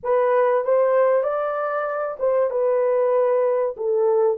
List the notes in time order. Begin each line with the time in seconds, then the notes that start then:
0.03 B4
0.64 C5
1.23 D5
2.19 C5
2.50 B4
3.77 A4